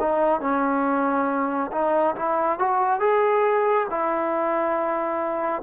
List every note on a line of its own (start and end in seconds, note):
0.00 0.41 D#4
0.41 1.72 C#4
1.72 2.16 D#4
2.16 2.59 E4
2.59 3.00 F#4
3.00 3.87 G#4
3.91 5.63 E4